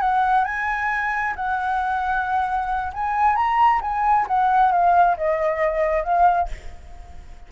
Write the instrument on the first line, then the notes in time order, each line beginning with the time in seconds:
flute
0.00 F#5
0.44 G#5
1.36 F#5
2.93 G#5
3.36 A#5
3.81 G#5
4.27 F#5
4.72 F5
5.17 D#5
6.03 F5